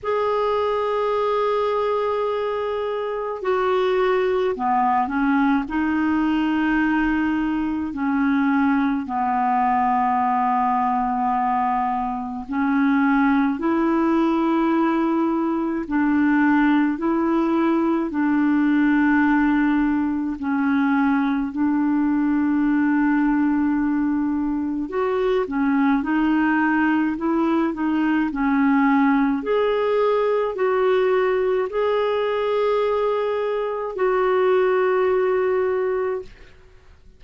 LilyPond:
\new Staff \with { instrumentName = "clarinet" } { \time 4/4 \tempo 4 = 53 gis'2. fis'4 | b8 cis'8 dis'2 cis'4 | b2. cis'4 | e'2 d'4 e'4 |
d'2 cis'4 d'4~ | d'2 fis'8 cis'8 dis'4 | e'8 dis'8 cis'4 gis'4 fis'4 | gis'2 fis'2 | }